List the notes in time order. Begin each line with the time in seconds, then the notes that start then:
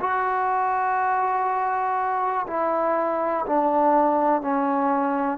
0.00 F#4
2.47 E4
3.46 D4
4.41 C#4